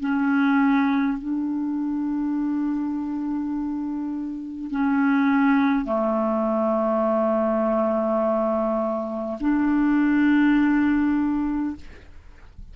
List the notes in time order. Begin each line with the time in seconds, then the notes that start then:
0.00 C#4
1.18 D4
4.71 C#4
5.85 A3
9.40 D4